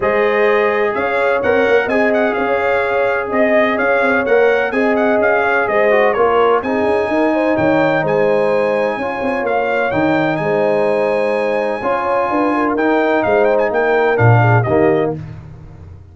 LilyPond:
<<
  \new Staff \with { instrumentName = "trumpet" } { \time 4/4 \tempo 4 = 127 dis''2 f''4 fis''4 | gis''8 fis''8 f''2 dis''4 | f''4 fis''4 gis''8 fis''8 f''4 | dis''4 cis''4 gis''2 |
g''4 gis''2. | f''4 g''4 gis''2~ | gis''2. g''4 | f''8 g''16 gis''16 g''4 f''4 dis''4 | }
  \new Staff \with { instrumentName = "horn" } { \time 4/4 c''2 cis''2 | dis''4 cis''2 dis''4 | cis''2 dis''4. cis''8 | c''4 ais'4 gis'4 ais'8 c''8 |
cis''4 c''2 cis''4~ | cis''2 c''2~ | c''4 cis''4 b'8 ais'4. | c''4 ais'4. gis'8 g'4 | }
  \new Staff \with { instrumentName = "trombone" } { \time 4/4 gis'2. ais'4 | gis'1~ | gis'4 ais'4 gis'2~ | gis'8 fis'8 f'4 dis'2~ |
dis'2. f'4~ | f'4 dis'2.~ | dis'4 f'2 dis'4~ | dis'2 d'4 ais4 | }
  \new Staff \with { instrumentName = "tuba" } { \time 4/4 gis2 cis'4 c'8 ais8 | c'4 cis'2 c'4 | cis'8 c'8 ais4 c'4 cis'4 | gis4 ais4 c'8 cis'8 dis'4 |
dis4 gis2 cis'8 c'8 | ais4 dis4 gis2~ | gis4 cis'4 d'4 dis'4 | gis4 ais4 ais,4 dis4 | }
>>